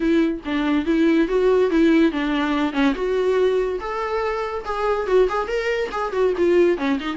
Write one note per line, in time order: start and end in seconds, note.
0.00 0.40 E4
0.45 0.85 D4
0.85 1.28 E4
1.28 1.70 F#4
1.70 2.12 E4
2.12 2.72 D4
2.72 2.93 C#4
2.94 3.79 F#4
3.79 4.64 A4
4.64 5.06 G#4
5.06 5.28 F#4
5.29 5.47 G#4
5.47 5.89 A#4
5.91 6.12 G#4
6.12 6.33 F#4
6.37 6.77 F4
6.77 6.98 C#4
6.99 7.16 D#4